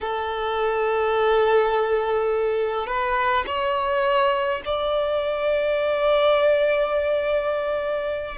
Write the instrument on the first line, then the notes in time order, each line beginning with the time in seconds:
violin
0.01 A4
2.86 B4
3.46 C#5
4.65 D5